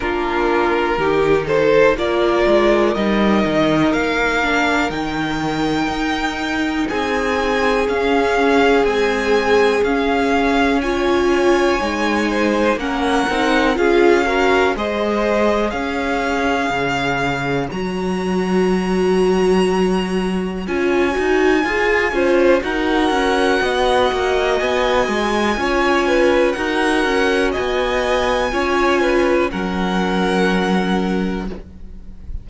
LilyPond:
<<
  \new Staff \with { instrumentName = "violin" } { \time 4/4 \tempo 4 = 61 ais'4. c''8 d''4 dis''4 | f''4 g''2 gis''4 | f''4 gis''4 f''4 gis''4~ | gis''4 fis''4 f''4 dis''4 |
f''2 ais''2~ | ais''4 gis''2 fis''4~ | fis''4 gis''2 fis''4 | gis''2 fis''2 | }
  \new Staff \with { instrumentName = "violin" } { \time 4/4 f'4 g'8 a'8 ais'2~ | ais'2. gis'4~ | gis'2. cis''4~ | cis''8 c''8 ais'4 gis'8 ais'8 c''4 |
cis''1~ | cis''2~ cis''8 c''8 ais'4 | dis''2 cis''8 b'8 ais'4 | dis''4 cis''8 b'8 ais'2 | }
  \new Staff \with { instrumentName = "viola" } { \time 4/4 d'4 dis'4 f'4 dis'4~ | dis'8 d'8 dis'2. | cis'4 gis4 cis'4 f'4 | dis'4 cis'8 dis'8 f'8 fis'8 gis'4~ |
gis'2 fis'2~ | fis'4 f'8 fis'8 gis'8 f'8 fis'4~ | fis'2 f'4 fis'4~ | fis'4 f'4 cis'2 | }
  \new Staff \with { instrumentName = "cello" } { \time 4/4 ais4 dis4 ais8 gis8 g8 dis8 | ais4 dis4 dis'4 c'4 | cis'4 c'4 cis'2 | gis4 ais8 c'8 cis'4 gis4 |
cis'4 cis4 fis2~ | fis4 cis'8 dis'8 f'8 cis'8 dis'8 cis'8 | b8 ais8 b8 gis8 cis'4 dis'8 cis'8 | b4 cis'4 fis2 | }
>>